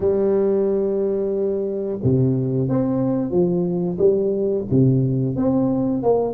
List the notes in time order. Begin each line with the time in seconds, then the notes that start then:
0.00 G3
2.03 C3
2.68 C4
3.30 F3
3.98 G3
4.70 C3
5.36 C4
6.02 A#3